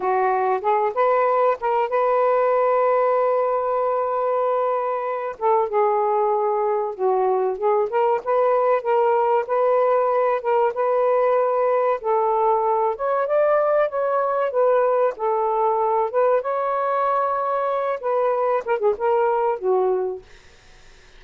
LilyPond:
\new Staff \with { instrumentName = "saxophone" } { \time 4/4 \tempo 4 = 95 fis'4 gis'8 b'4 ais'8 b'4~ | b'1~ | b'8 a'8 gis'2 fis'4 | gis'8 ais'8 b'4 ais'4 b'4~ |
b'8 ais'8 b'2 a'4~ | a'8 cis''8 d''4 cis''4 b'4 | a'4. b'8 cis''2~ | cis''8 b'4 ais'16 gis'16 ais'4 fis'4 | }